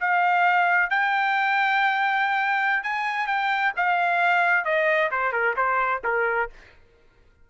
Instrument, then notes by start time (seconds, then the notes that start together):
trumpet
0.00 F5
0.90 G5
2.83 G#5
3.27 G5
3.76 F5
4.65 D#5
5.12 C5
5.32 A#4
5.56 C5
6.04 A#4